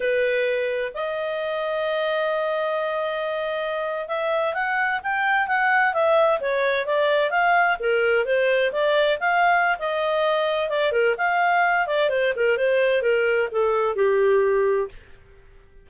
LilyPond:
\new Staff \with { instrumentName = "clarinet" } { \time 4/4 \tempo 4 = 129 b'2 dis''2~ | dis''1~ | dis''8. e''4 fis''4 g''4 fis''16~ | fis''8. e''4 cis''4 d''4 f''16~ |
f''8. ais'4 c''4 d''4 f''16~ | f''4 dis''2 d''8 ais'8 | f''4. d''8 c''8 ais'8 c''4 | ais'4 a'4 g'2 | }